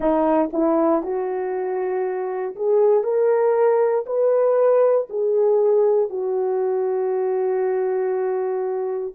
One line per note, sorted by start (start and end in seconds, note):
0.00 0.49 D#4
0.53 1.02 E4
1.02 2.55 F#4
2.55 3.03 G#4
3.03 4.05 A#4
4.06 5.08 B4
5.09 6.09 G#4
6.09 9.14 F#4